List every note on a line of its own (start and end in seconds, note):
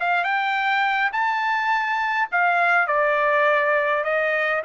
0.00 0.24 F5
0.24 1.11 G5
1.13 2.29 A5
2.32 2.88 F5
2.88 4.04 D5
4.04 4.63 D#5